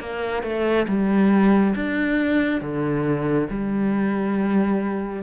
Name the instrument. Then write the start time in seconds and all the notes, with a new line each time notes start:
cello
0.00 A#3
0.43 A3
0.87 G3
1.75 D4
2.61 D3
3.49 G3